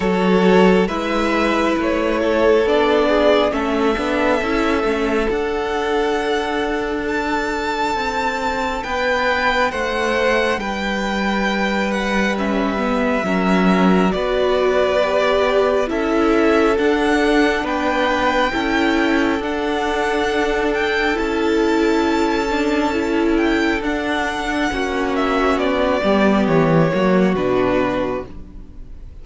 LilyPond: <<
  \new Staff \with { instrumentName = "violin" } { \time 4/4 \tempo 4 = 68 cis''4 e''4 cis''4 d''4 | e''2 fis''2 | a''2 g''4 fis''4 | g''4. fis''8 e''2 |
d''2 e''4 fis''4 | g''2 fis''4. g''8 | a''2~ a''8 g''8 fis''4~ | fis''8 e''8 d''4 cis''4 b'4 | }
  \new Staff \with { instrumentName = "violin" } { \time 4/4 a'4 b'4. a'4 gis'8 | a'1~ | a'2 b'4 c''4 | b'2. ais'4 |
b'2 a'2 | b'4 a'2.~ | a'1 | fis'4. g'4 fis'4. | }
  \new Staff \with { instrumentName = "viola" } { \time 4/4 fis'4 e'2 d'4 | cis'8 d'8 e'8 cis'8 d'2~ | d'1~ | d'2 cis'8 b8 cis'4 |
fis'4 g'4 e'4 d'4~ | d'4 e'4 d'2 | e'4. d'8 e'4 d'4 | cis'4. b4 ais8 d'4 | }
  \new Staff \with { instrumentName = "cello" } { \time 4/4 fis4 gis4 a4 b4 | a8 b8 cis'8 a8 d'2~ | d'4 c'4 b4 a4 | g2. fis4 |
b2 cis'4 d'4 | b4 cis'4 d'2 | cis'2. d'4 | ais4 b8 g8 e8 fis8 b,4 | }
>>